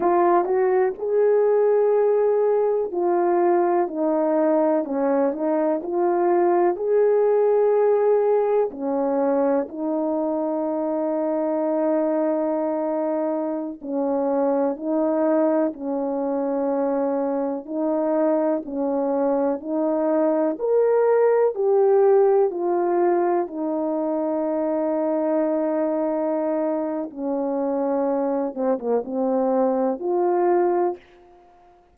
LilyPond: \new Staff \with { instrumentName = "horn" } { \time 4/4 \tempo 4 = 62 f'8 fis'8 gis'2 f'4 | dis'4 cis'8 dis'8 f'4 gis'4~ | gis'4 cis'4 dis'2~ | dis'2~ dis'16 cis'4 dis'8.~ |
dis'16 cis'2 dis'4 cis'8.~ | cis'16 dis'4 ais'4 g'4 f'8.~ | f'16 dis'2.~ dis'8. | cis'4. c'16 ais16 c'4 f'4 | }